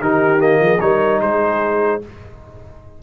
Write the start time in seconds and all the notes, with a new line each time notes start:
0.00 D#3 D#4 G4 A#4
0.38 A#3 D#5
0.60 F3 G#4
0.80 G3 D#4 A#4 C#5
1.21 G#3 G#4 C5